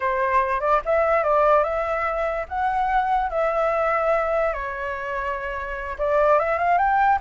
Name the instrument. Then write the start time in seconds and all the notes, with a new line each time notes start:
flute
0.00 C5
0.60 D5
0.85 E5
1.23 D5
1.63 E5
2.48 F#5
3.30 E5
4.53 C#5
5.98 D5
6.39 E5
6.58 F5
6.78 G5